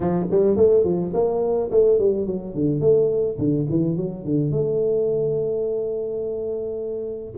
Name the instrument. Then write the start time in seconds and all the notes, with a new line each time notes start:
tuba
0.00 F3
0.30 G3
0.56 A3
0.84 F3
1.13 A#3
1.71 A3
1.98 G3
2.26 F#3
2.54 D3
2.80 A3
3.38 D3
3.69 E3
3.96 F#3
4.25 D3
4.51 A3